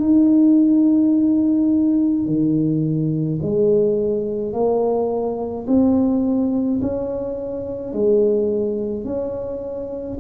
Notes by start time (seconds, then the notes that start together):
0.00 D#4
2.26 D#3
3.42 G#3
4.53 A#3
5.68 C4
6.82 C#4
7.93 G#3
9.05 C#4